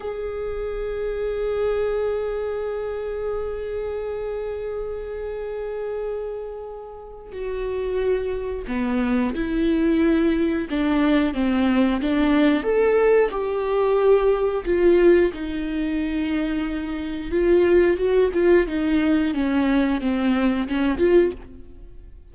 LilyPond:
\new Staff \with { instrumentName = "viola" } { \time 4/4 \tempo 4 = 90 gis'1~ | gis'1~ | gis'2. fis'4~ | fis'4 b4 e'2 |
d'4 c'4 d'4 a'4 | g'2 f'4 dis'4~ | dis'2 f'4 fis'8 f'8 | dis'4 cis'4 c'4 cis'8 f'8 | }